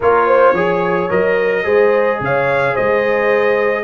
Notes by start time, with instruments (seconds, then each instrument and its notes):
0.00 tuba A#3, trombone F4, horn A#4, trumpet C#5
0.26 horn C5
0.53 tuba F3, trombone G#4, horn C#5
1.10 tuba F#3, trombone A#4, trumpet D#5
1.63 tuba G#3, trombone G#4, horn C5
2.20 tuba C#3, horn C#5, trumpet F5
2.74 tuba G#3, horn C5, trumpet D#5